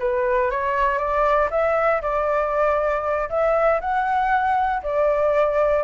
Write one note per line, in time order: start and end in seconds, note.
0.00 0.51 B4
0.51 0.99 C#5
0.99 1.50 D5
1.51 2.02 E5
2.02 3.29 D5
3.30 3.81 E5
3.81 4.83 F#5
4.83 5.84 D5